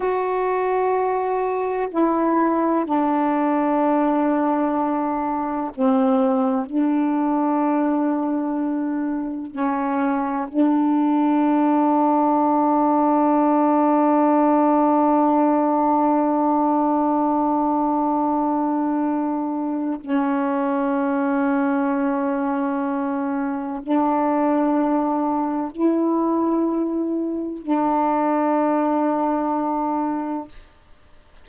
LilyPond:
\new Staff \with { instrumentName = "saxophone" } { \time 4/4 \tempo 4 = 63 fis'2 e'4 d'4~ | d'2 c'4 d'4~ | d'2 cis'4 d'4~ | d'1~ |
d'1~ | d'4 cis'2.~ | cis'4 d'2 e'4~ | e'4 d'2. | }